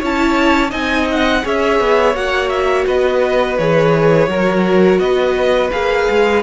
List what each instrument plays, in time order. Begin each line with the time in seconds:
0.00 cello C#4, viola E4, violin C#5 A5
0.70 cello C4, viola D#4, violin D#5 G#5
1.12 violin F#5
1.43 cello C#4, viola G#4, violin C#5 E5
1.80 cello B3
2.15 cello A#3, viola F#4, violin F#5
2.49 violin E5
2.86 cello B3, violin B4 D#5
3.58 cello E3, viola G#4, violin C#5
4.28 cello F#3, viola F#4, violin A#4
4.99 cello B3, violin B4 D#5
5.71 cello A#3, viola G#4, violin F5
6.10 cello G#3